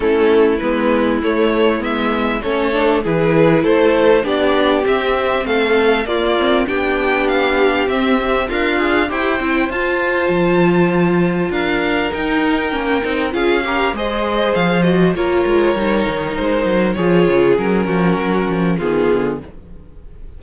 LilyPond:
<<
  \new Staff \with { instrumentName = "violin" } { \time 4/4 \tempo 4 = 99 a'4 b'4 cis''4 e''4 | cis''4 b'4 c''4 d''4 | e''4 f''4 d''4 g''4 | f''4 e''4 f''4 g''4 |
a''2. f''4 | g''2 f''4 dis''4 | f''8 dis''8 cis''2 c''4 | cis''4 ais'2 gis'4 | }
  \new Staff \with { instrumentName = "violin" } { \time 4/4 e'1 | a'4 gis'4 a'4 g'4~ | g'4 a'4 f'4 g'4~ | g'2 f'4 c''4~ |
c''2. ais'4~ | ais'2 gis'8 ais'8 c''4~ | c''4 ais'2. | gis'4. fis'4. f'4 | }
  \new Staff \with { instrumentName = "viola" } { \time 4/4 cis'4 b4 a4 b4 | cis'8 d'8 e'2 d'4 | c'2 ais8 c'8 d'4~ | d'4 c'8 c8 ais'8 gis'8 g'8 e'8 |
f'1 | dis'4 cis'8 dis'8 f'8 g'8 gis'4~ | gis'8 fis'8 f'4 dis'2 | f'4 cis'2 b4 | }
  \new Staff \with { instrumentName = "cello" } { \time 4/4 a4 gis4 a4 gis4 | a4 e4 a4 b4 | c'4 a4 ais4 b4~ | b4 c'4 d'4 e'8 c'8 |
f'4 f2 d'4 | dis'4 ais8 c'8 cis'4 gis4 | f4 ais8 gis8 g8 dis8 gis8 fis8 | f8 cis8 fis8 f8 fis8 f8 dis8 d8 | }
>>